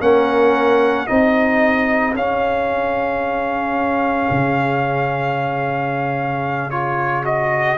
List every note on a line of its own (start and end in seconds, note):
0.00 1.07 A#3
0.00 1.07 C#4
0.00 1.07 A#4
0.00 1.06 F#5
1.06 2.14 C4
1.06 2.14 D#4
1.06 7.77 G#4
1.06 2.14 D#5
2.14 4.28 C#4
2.14 6.71 C#4
2.14 6.70 F5
4.30 7.77 C#3
6.70 7.24 F4
6.70 7.24 C#5
7.24 7.77 F#4
7.24 7.77 D#5